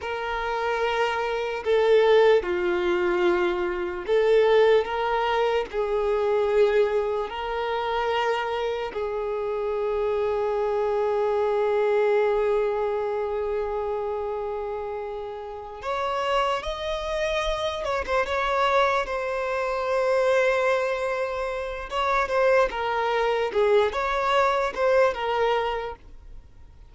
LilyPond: \new Staff \with { instrumentName = "violin" } { \time 4/4 \tempo 4 = 74 ais'2 a'4 f'4~ | f'4 a'4 ais'4 gis'4~ | gis'4 ais'2 gis'4~ | gis'1~ |
gis'2.~ gis'8 cis''8~ | cis''8 dis''4. cis''16 c''16 cis''4 c''8~ | c''2. cis''8 c''8 | ais'4 gis'8 cis''4 c''8 ais'4 | }